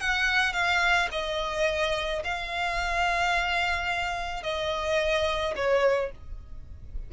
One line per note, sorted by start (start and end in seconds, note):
0.00 0.53 F#5
0.53 1.08 F5
1.11 2.22 D#5
2.24 4.43 F5
4.43 5.54 D#5
5.55 6.11 C#5